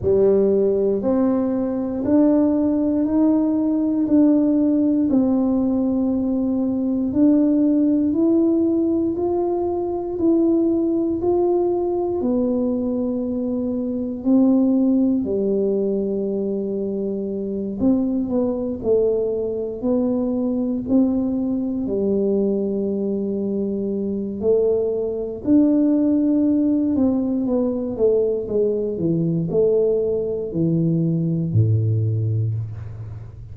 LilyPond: \new Staff \with { instrumentName = "tuba" } { \time 4/4 \tempo 4 = 59 g4 c'4 d'4 dis'4 | d'4 c'2 d'4 | e'4 f'4 e'4 f'4 | b2 c'4 g4~ |
g4. c'8 b8 a4 b8~ | b8 c'4 g2~ g8 | a4 d'4. c'8 b8 a8 | gis8 e8 a4 e4 a,4 | }